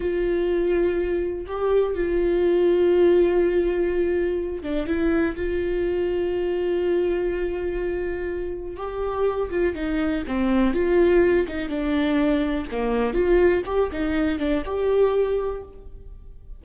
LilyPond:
\new Staff \with { instrumentName = "viola" } { \time 4/4 \tempo 4 = 123 f'2. g'4 | f'1~ | f'4. d'8 e'4 f'4~ | f'1~ |
f'2 g'4. f'8 | dis'4 c'4 f'4. dis'8 | d'2 ais4 f'4 | g'8 dis'4 d'8 g'2 | }